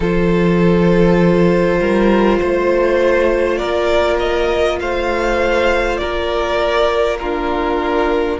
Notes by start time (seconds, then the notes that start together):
0.00 F3 F4 A4 C5
1.80 G3 A#4
2.39 A3 C5
3.56 A#3 A#4 D5
4.19 D#5
4.80 A3 C5 F5
5.97 A#4 D5
6.03 A#3
7.18 D4 F4 A#4